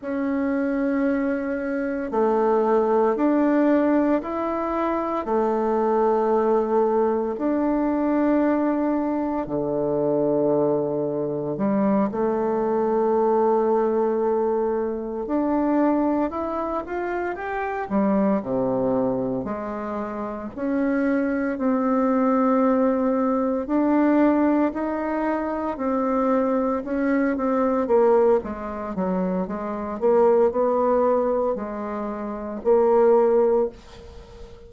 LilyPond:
\new Staff \with { instrumentName = "bassoon" } { \time 4/4 \tempo 4 = 57 cis'2 a4 d'4 | e'4 a2 d'4~ | d'4 d2 g8 a8~ | a2~ a8 d'4 e'8 |
f'8 g'8 g8 c4 gis4 cis'8~ | cis'8 c'2 d'4 dis'8~ | dis'8 c'4 cis'8 c'8 ais8 gis8 fis8 | gis8 ais8 b4 gis4 ais4 | }